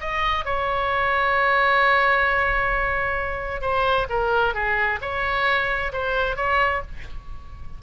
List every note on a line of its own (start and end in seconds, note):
0.00 0.45 D#5
0.45 3.61 C#5
3.61 4.07 C5
4.10 4.54 A#4
4.54 4.99 G#4
5.01 5.92 C#5
5.93 6.36 C5
6.36 6.82 C#5